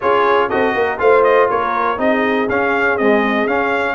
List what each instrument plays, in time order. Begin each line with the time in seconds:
0.00 tuba C#4, trombone F4, horn G#4, trumpet C#5
0.48 tuba C4, trombone F#4, horn A4, trumpet D#5
0.74 tuba A#3, horn A#4
0.98 tuba A3, trombone F4, horn C5, trumpet F5
1.23 trumpet D#5
1.49 tuba A#3, horn A#4, trumpet C#5
1.97 tuba C4, trombone D#4, horn G#4, trumpet D#5
2.48 tuba C#4, trombone C#4, trumpet F5
2.97 trombone G#3, tuba C4, trumpet D#5
3.46 tuba C#4, trombone C#4, trumpet F5